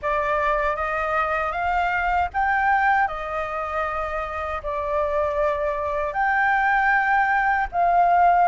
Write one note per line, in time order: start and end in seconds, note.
0.02 0.76 D5
0.76 1.51 D#5
1.51 2.28 F5
2.33 3.07 G5
3.07 4.61 D#5
4.63 6.13 D5
6.13 7.67 G5
7.72 8.48 F5